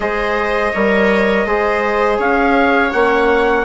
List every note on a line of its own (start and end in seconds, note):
0.00 0.71 G#3
0.00 0.73 G#4
0.00 0.73 C5
0.00 2.18 D#5
0.73 1.45 G3
0.73 1.46 A#4
0.73 1.46 C#5
1.45 2.18 G#3
1.45 2.91 G#4
1.45 2.18 C5
2.18 2.91 C#4
2.18 3.65 C#5
2.18 2.91 F5
2.91 3.65 A#3
2.91 3.64 C#4
2.91 3.65 F#5